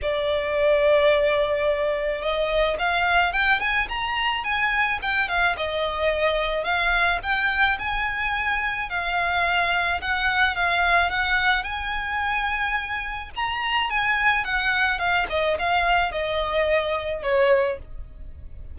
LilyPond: \new Staff \with { instrumentName = "violin" } { \time 4/4 \tempo 4 = 108 d''1 | dis''4 f''4 g''8 gis''8 ais''4 | gis''4 g''8 f''8 dis''2 | f''4 g''4 gis''2 |
f''2 fis''4 f''4 | fis''4 gis''2. | ais''4 gis''4 fis''4 f''8 dis''8 | f''4 dis''2 cis''4 | }